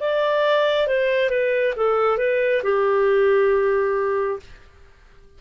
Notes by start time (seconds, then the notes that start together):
0.00 D5
0.87 C5
1.30 B4
1.76 A4
2.18 B4
2.63 G4